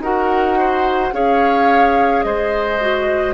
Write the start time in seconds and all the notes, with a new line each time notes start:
0.00 D#4 F#4 A#4 F#5
0.58 C5
1.12 C#4 G#4 C#5 F5
2.23 G#3 C5 D#5
2.81 F#4